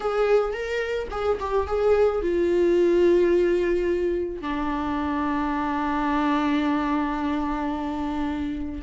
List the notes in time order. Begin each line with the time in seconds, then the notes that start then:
0.00 G#4
0.53 A#4
1.11 G#4
1.40 G4
1.67 G#4
2.22 F4
4.41 D4